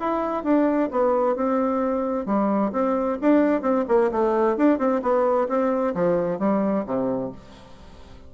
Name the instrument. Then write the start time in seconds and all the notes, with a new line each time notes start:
bassoon
0.00 E4
0.44 D4
0.91 B3
1.36 C4
2.26 G3
2.72 C4
3.21 D4
3.62 C4
3.88 A#3
4.12 A3
4.57 D4
4.79 C4
5.02 B3
5.49 C4
5.95 F3
6.39 G3
6.86 C3